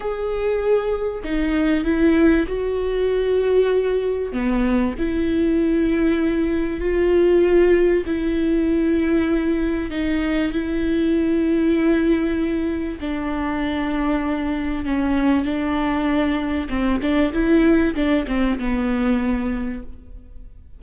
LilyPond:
\new Staff \with { instrumentName = "viola" } { \time 4/4 \tempo 4 = 97 gis'2 dis'4 e'4 | fis'2. b4 | e'2. f'4~ | f'4 e'2. |
dis'4 e'2.~ | e'4 d'2. | cis'4 d'2 c'8 d'8 | e'4 d'8 c'8 b2 | }